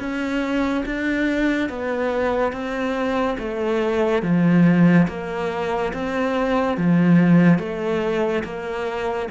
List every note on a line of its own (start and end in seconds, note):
0.00 0.85 C#4
0.86 1.70 D4
1.70 2.53 B3
2.53 3.37 C4
3.39 4.23 A3
4.23 5.07 F3
5.09 5.93 A#3
5.93 6.78 C4
6.78 7.59 F3
7.59 8.44 A3
8.44 9.29 A#3